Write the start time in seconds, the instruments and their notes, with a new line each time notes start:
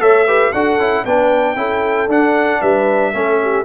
0.00 tuba A3, trombone A4, horn C#5, trumpet E5
0.27 trombone G4, horn B4
0.52 tuba D4, trombone F#4, horn A4, trumpet F#5
0.79 tuba C#4, trombone E4
1.05 tuba B3, trombone D4, horn B4, trumpet G5
1.57 tuba C#4, trombone E4, horn A4
2.08 tuba D4, trombone D4, trumpet F#5
2.61 tuba G3, horn B4, trumpet E5
3.14 tuba A3, trombone C#4, horn A4
3.42 horn G4